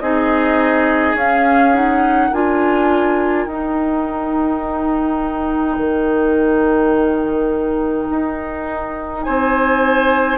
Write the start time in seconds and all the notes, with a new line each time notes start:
0.00 C4 D#4 G#4 D#5
1.14 C#4 F5
1.74 D#4 F#5
2.30 D4 F4 A#4 G#5
3.46 D#4 G5
5.77 D#3
8.10 D#4
9.22 C4 C5 G#5